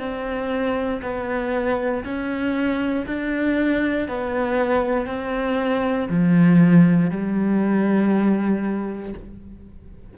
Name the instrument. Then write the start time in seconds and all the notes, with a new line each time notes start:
cello
0.00 C4
1.03 B3
2.05 C#4
3.07 D4
4.09 B3
5.07 C4
6.10 F3
7.11 G3